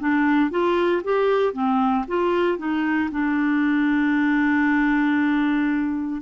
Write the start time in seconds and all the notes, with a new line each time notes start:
0.00 D4
0.50 F4
1.03 G4
1.53 C4
2.08 F4
2.58 D#4
3.11 D4